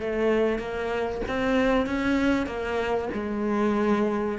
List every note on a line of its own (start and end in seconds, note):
0.00 0.59 A3
0.59 1.21 A#3
1.28 1.86 C4
1.86 2.46 C#4
2.46 3.09 A#3
3.14 4.38 G#3